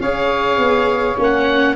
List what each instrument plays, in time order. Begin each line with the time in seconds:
0.00 tuba C#4, viola G#4, saxophone C#5, oboe F5
0.58 tuba B3
1.18 tuba A#3, viola C#4, oboe F#5